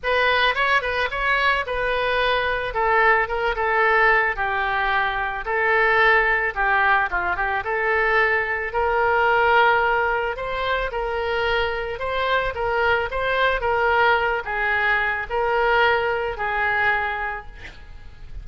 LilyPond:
\new Staff \with { instrumentName = "oboe" } { \time 4/4 \tempo 4 = 110 b'4 cis''8 b'8 cis''4 b'4~ | b'4 a'4 ais'8 a'4. | g'2 a'2 | g'4 f'8 g'8 a'2 |
ais'2. c''4 | ais'2 c''4 ais'4 | c''4 ais'4. gis'4. | ais'2 gis'2 | }